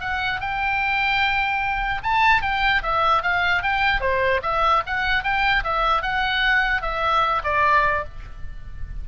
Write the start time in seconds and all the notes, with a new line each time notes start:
0.00 F#5
0.40 G5
2.03 A5
2.42 G5
2.82 E5
3.22 F5
3.63 G5
4.00 C5
4.42 E5
4.86 F#5
5.23 G5
5.63 E5
6.02 F#5
6.81 E5
7.44 D5